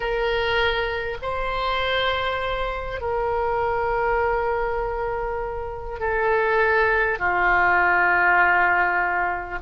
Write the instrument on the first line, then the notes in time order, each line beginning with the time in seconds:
oboe
0.00 A#4
1.22 C5
3.01 A#4
5.99 A4
7.18 F4